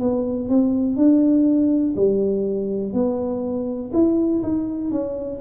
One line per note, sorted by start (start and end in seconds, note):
0.00 0.49 B3
0.49 0.97 C4
0.97 1.95 D4
1.96 2.93 G3
2.93 3.92 B3
3.93 4.43 E4
4.43 4.91 D#4
4.91 5.41 C#4